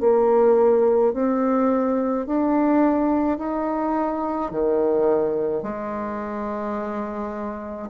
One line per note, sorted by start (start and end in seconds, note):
0.00 1.13 A#3
1.13 2.26 C4
2.26 3.38 D4
3.38 4.51 D#4
4.51 5.62 D#3
5.62 7.89 G#3